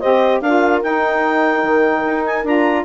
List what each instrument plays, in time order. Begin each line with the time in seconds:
0.00 bassoon C4, saxophone G4, horn C5, clarinet D#5
0.41 bassoon D4, saxophone F4, horn A#4, clarinet F5
0.83 saxophone D#4, bassoon D#4, clarinet G5
1.63 bassoon D#3
2.05 bassoon D#4
2.25 clarinet G#5
2.44 bassoon D4, saxophone F4, clarinet A#5